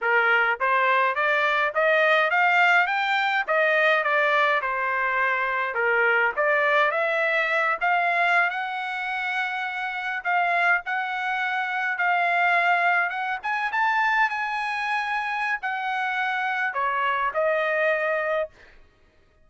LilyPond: \new Staff \with { instrumentName = "trumpet" } { \time 4/4 \tempo 4 = 104 ais'4 c''4 d''4 dis''4 | f''4 g''4 dis''4 d''4 | c''2 ais'4 d''4 | e''4. f''4~ f''16 fis''4~ fis''16~ |
fis''4.~ fis''16 f''4 fis''4~ fis''16~ | fis''8. f''2 fis''8 gis''8 a''16~ | a''8. gis''2~ gis''16 fis''4~ | fis''4 cis''4 dis''2 | }